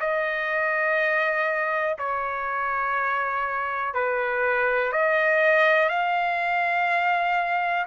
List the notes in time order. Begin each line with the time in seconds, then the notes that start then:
0.00 D#5
1.99 C#5
3.94 B4
4.92 D#5
5.89 F5